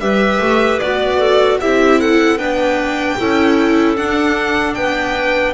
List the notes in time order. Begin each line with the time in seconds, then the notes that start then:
0.00 G3 G4 B4 E5
0.40 A3
0.79 B3 F#4 D5
1.19 A4
1.61 C4 E4 G4 E5
2.00 A4 F#5
2.37 B3 D4 B4 G5
3.19 C#4 E4 A4
3.96 D4 F#5
4.74 B3 B4 G5